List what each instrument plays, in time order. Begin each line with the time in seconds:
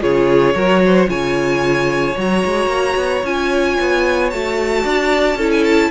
0.00 cello C#3, viola F4, violin G#4 C#5
0.54 cello F#3, viola F#4, violin A#4
0.85 violin C5
1.06 cello C#3, viola F4, violin C#5 G#5
2.16 cello F#3, viola F#4, violin A#5
2.45 cello G#3
2.66 cello A#3
2.96 cello B3
3.23 cello C#4, viola F4, violin G#5
3.80 cello B3
4.30 cello A3, viola F#4, violin A5
4.84 cello D4, violin D5
5.35 cello C#4, viola E4, violin A4
5.51 violin G#5
5.63 violin A5